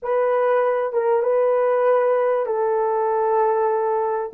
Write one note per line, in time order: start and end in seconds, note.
0.02 0.93 B4
0.93 1.22 A#4
1.22 2.45 B4
2.45 4.31 A4